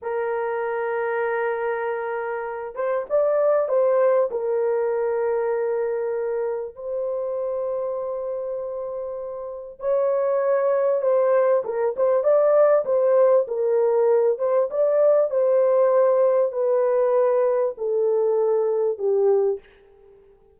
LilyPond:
\new Staff \with { instrumentName = "horn" } { \time 4/4 \tempo 4 = 98 ais'1~ | ais'8 c''8 d''4 c''4 ais'4~ | ais'2. c''4~ | c''1 |
cis''2 c''4 ais'8 c''8 | d''4 c''4 ais'4. c''8 | d''4 c''2 b'4~ | b'4 a'2 g'4 | }